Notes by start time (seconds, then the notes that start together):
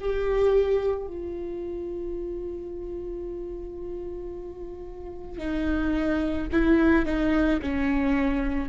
0.00 G4
1.07 F4
5.39 D#4
6.52 E4
7.06 D#4
7.62 C#4